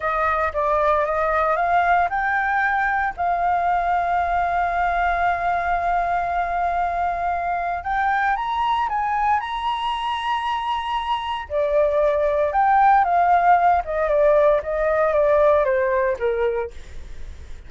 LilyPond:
\new Staff \with { instrumentName = "flute" } { \time 4/4 \tempo 4 = 115 dis''4 d''4 dis''4 f''4 | g''2 f''2~ | f''1~ | f''2. g''4 |
ais''4 gis''4 ais''2~ | ais''2 d''2 | g''4 f''4. dis''8 d''4 | dis''4 d''4 c''4 ais'4 | }